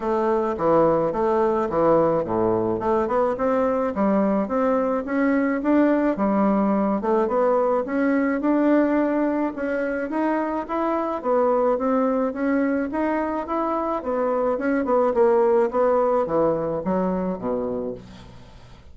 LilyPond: \new Staff \with { instrumentName = "bassoon" } { \time 4/4 \tempo 4 = 107 a4 e4 a4 e4 | a,4 a8 b8 c'4 g4 | c'4 cis'4 d'4 g4~ | g8 a8 b4 cis'4 d'4~ |
d'4 cis'4 dis'4 e'4 | b4 c'4 cis'4 dis'4 | e'4 b4 cis'8 b8 ais4 | b4 e4 fis4 b,4 | }